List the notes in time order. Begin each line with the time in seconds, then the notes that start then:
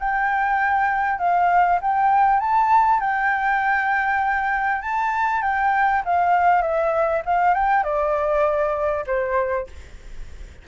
0.00 G5
1.19 F5
1.82 G5
2.40 A5
3.01 G5
4.82 A5
5.42 G5
6.05 F5
6.62 E5
7.26 F5
7.55 G5
7.84 D5
9.07 C5